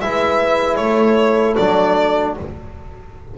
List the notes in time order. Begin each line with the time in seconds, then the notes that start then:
0.00 G#3 E4 B4 E5
0.76 A3 C#5
0.82 A4
1.56 F#3 D4 D5